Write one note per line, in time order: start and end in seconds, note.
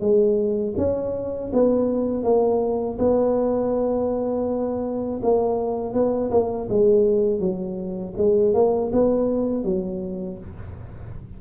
0.00 0.74 G#3
0.77 1.51 C#4
1.53 2.23 B3
2.23 2.97 A#3
2.98 5.20 B3
5.22 5.93 A#3
5.93 6.30 B3
6.31 6.68 A#3
6.69 7.39 G#3
7.39 8.13 F#3
8.17 8.54 G#3
8.54 8.91 A#3
8.92 9.64 B3
9.64 10.38 F#3